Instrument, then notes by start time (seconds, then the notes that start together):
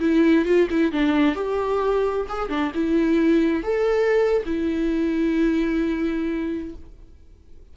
viola
0.00 E4
0.46 F4
0.71 E4
0.93 D4
1.36 G4
2.29 G#4
2.50 D4
2.75 E4
3.64 A4
4.46 E4